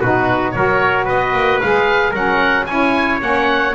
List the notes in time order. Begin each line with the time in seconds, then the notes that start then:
0.00 B2 D#4 F#4 B4
0.52 F#3 F#4 A#4 C#5
1.05 B3 B4 D#5
1.34 A#3
1.61 G#3 G#4 F5
2.11 F#3 C#4 A#4 F#5
2.66 C#4 E4 C#5 G#5
3.20 A#3 C#4 F#5